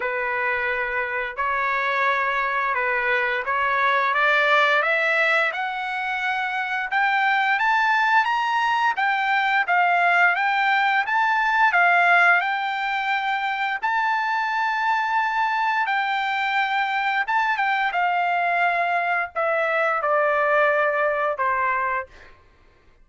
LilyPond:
\new Staff \with { instrumentName = "trumpet" } { \time 4/4 \tempo 4 = 87 b'2 cis''2 | b'4 cis''4 d''4 e''4 | fis''2 g''4 a''4 | ais''4 g''4 f''4 g''4 |
a''4 f''4 g''2 | a''2. g''4~ | g''4 a''8 g''8 f''2 | e''4 d''2 c''4 | }